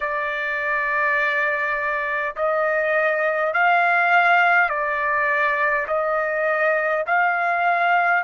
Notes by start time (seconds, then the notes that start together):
0.00 D5
2.36 D#5
3.53 F5
4.69 D5
5.87 D#5
7.06 F5